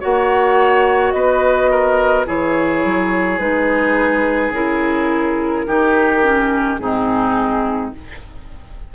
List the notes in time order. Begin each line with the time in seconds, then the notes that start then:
0.00 A#3 F#4 C#5 F#5
1.11 B3 B4 D#5
1.71 A#4
2.26 E3 E4 G#4 C#5
2.84 F#3
3.39 G#3 D#4 B4
4.50 C#3 E4 A#4
5.67 D#3 D#4 G4
6.23 C#4
6.78 G#2 C4 D#4 G#4